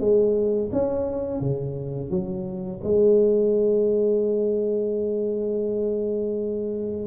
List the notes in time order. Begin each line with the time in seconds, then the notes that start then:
0.00 G#3
0.73 C#4
1.41 C#3
2.10 F#3
2.84 G#3